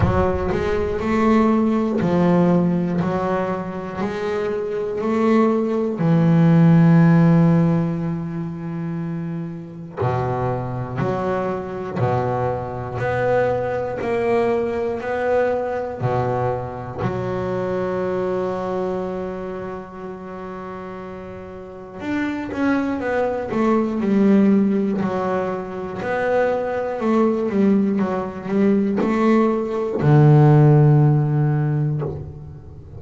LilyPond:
\new Staff \with { instrumentName = "double bass" } { \time 4/4 \tempo 4 = 60 fis8 gis8 a4 f4 fis4 | gis4 a4 e2~ | e2 b,4 fis4 | b,4 b4 ais4 b4 |
b,4 fis2.~ | fis2 d'8 cis'8 b8 a8 | g4 fis4 b4 a8 g8 | fis8 g8 a4 d2 | }